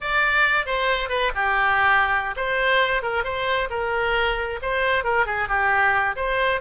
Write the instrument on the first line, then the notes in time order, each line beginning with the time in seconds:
oboe
0.00 D5
0.66 C5
1.09 B4
1.34 G4
2.36 C5
3.02 A#4
3.24 C5
3.70 A#4
4.62 C5
5.04 A#4
5.26 G#4
5.48 G4
6.16 C5